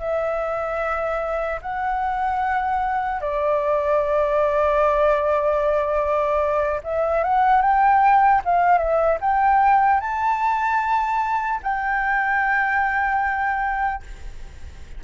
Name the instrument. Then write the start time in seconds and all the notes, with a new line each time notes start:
flute
0.00 E5
1.62 F#5
3.21 D5
6.84 E5
7.24 F#5
7.62 G5
8.45 F5
8.79 E5
9.21 G5
10.01 A5
11.63 G5